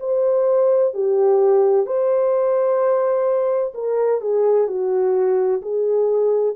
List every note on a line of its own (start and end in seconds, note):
0.00 0.94 C5
0.94 1.86 G4
1.86 3.74 C5
3.75 4.21 A#4
4.21 4.68 G#4
4.68 5.62 F#4
5.62 6.56 G#4